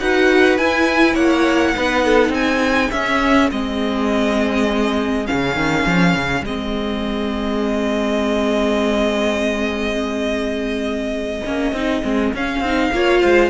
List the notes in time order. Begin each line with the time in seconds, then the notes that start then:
0.00 D#4 F#4 B4 F#5
0.58 E4 G#5
1.14 A#3 C#5 F#5
1.76 B3 D#4 B4
2.05 A4
2.29 C4 G#4 G#5
2.91 C#4 E5
3.51 G#3 C4 D#5
5.26 C#3 C#4 F5
5.55 D#3
5.86 F3
6.14 C#3
6.41 G#3 C4 D#5
11.45 A#3 C#4
11.72 C4 D#4
12.03 G#3 C4
12.34 C#4 F5
12.60 C4 D#4
12.92 A#3 F4 C#5
13.21 G#3 C5